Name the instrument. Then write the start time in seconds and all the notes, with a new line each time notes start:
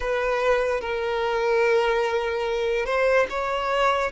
violin
0.00 B4
0.80 A#4
2.85 C5
3.29 C#5